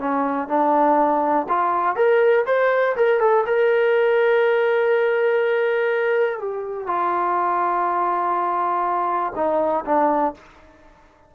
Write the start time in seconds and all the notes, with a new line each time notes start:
0.00 C#4
0.49 D4
1.49 F4
1.96 A#4
2.47 C5
2.97 A#4
3.21 A4
3.47 A#4
6.39 G4
6.88 F4
9.36 D#4
9.86 D4